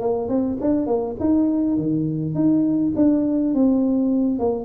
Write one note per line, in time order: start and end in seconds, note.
0.00 0.28 A#3
0.28 0.57 C4
0.60 0.86 D4
0.86 1.15 A#3
1.20 1.77 D#4
1.77 2.34 D#3
2.34 2.93 D#4
2.95 3.54 D4
3.54 4.39 C4
4.39 4.64 A#3